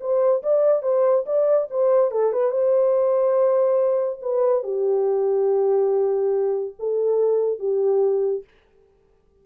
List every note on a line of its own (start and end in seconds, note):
0.00 0.42 C5
0.42 0.82 D5
0.82 1.25 C5
1.26 1.68 D5
1.70 2.11 C5
2.11 2.32 A4
2.32 2.50 B4
2.50 4.19 C5
4.21 4.63 B4
4.63 6.74 G4
6.79 7.59 A4
7.59 8.44 G4